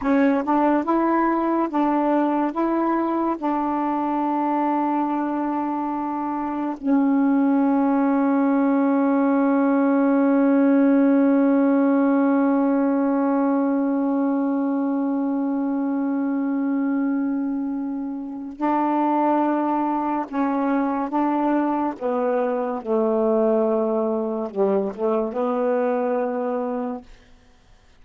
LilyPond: \new Staff \with { instrumentName = "saxophone" } { \time 4/4 \tempo 4 = 71 cis'8 d'8 e'4 d'4 e'4 | d'1 | cis'1~ | cis'1~ |
cis'1~ | cis'2 d'2 | cis'4 d'4 b4 a4~ | a4 g8 a8 b2 | }